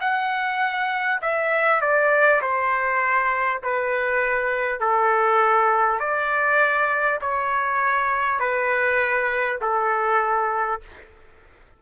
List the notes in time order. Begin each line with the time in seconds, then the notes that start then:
0.00 F#5
1.21 E5
1.81 D5
2.41 C5
3.63 B4
4.79 A4
5.99 D5
7.21 C#5
8.39 B4
9.61 A4